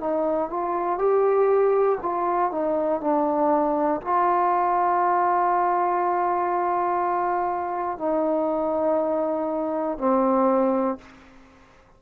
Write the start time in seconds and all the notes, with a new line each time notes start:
0.00 D#4
0.50 F4
0.98 G4
2.02 F4
2.51 D#4
3.00 D4
4.01 F4
7.98 D#4
9.98 C4